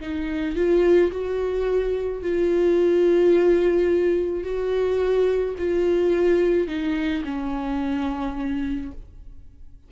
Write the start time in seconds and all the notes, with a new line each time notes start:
0.00 D#4
0.56 F4
1.11 F#4
2.22 F4
4.44 F#4
5.58 F4
6.67 D#4
7.25 C#4